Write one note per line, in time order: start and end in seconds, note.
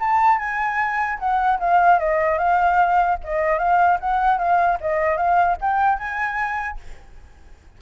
0.00 0.39 A5
0.39 1.19 G#5
1.19 1.59 F#5
1.60 1.99 F5
1.99 2.38 D#5
2.38 3.18 F5
3.24 3.59 D#5
3.59 3.99 F5
4.00 4.39 F#5
4.39 4.79 F5
4.81 5.17 D#5
5.17 5.57 F5
5.61 5.98 G5
5.98 6.78 G#5